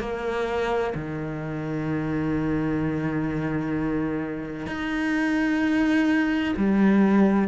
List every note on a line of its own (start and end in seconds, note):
0.00 0.94 A#3
0.95 4.67 D#3
4.67 6.55 D#4
6.57 7.49 G3